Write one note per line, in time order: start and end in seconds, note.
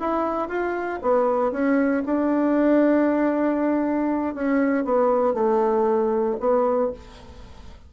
0.00 0.49 E4
0.49 1.00 F4
1.02 1.52 B3
1.52 2.03 C#4
2.06 4.35 D4
4.35 4.85 C#4
4.85 5.34 B3
5.34 6.37 A3
6.40 6.92 B3